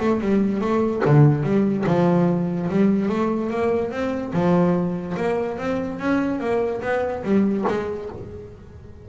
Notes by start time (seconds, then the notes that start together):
0.00 A3
0.21 G3
0.61 A3
1.05 D3
1.43 G3
1.87 F3
2.70 G3
3.09 A3
3.50 A#3
3.91 C4
4.33 F3
5.17 A#3
5.58 C4
5.99 C#4
6.40 A#3
6.82 B3
7.24 G3
7.68 G#3